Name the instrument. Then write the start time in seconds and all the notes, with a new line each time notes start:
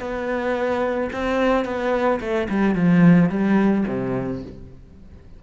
cello
0.00 B3
1.13 C4
1.65 B3
2.21 A3
2.50 G3
2.75 F3
3.30 G3
3.88 C3